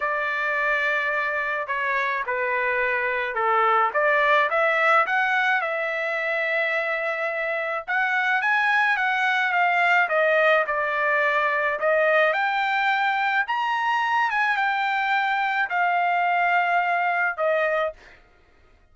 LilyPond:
\new Staff \with { instrumentName = "trumpet" } { \time 4/4 \tempo 4 = 107 d''2. cis''4 | b'2 a'4 d''4 | e''4 fis''4 e''2~ | e''2 fis''4 gis''4 |
fis''4 f''4 dis''4 d''4~ | d''4 dis''4 g''2 | ais''4. gis''8 g''2 | f''2. dis''4 | }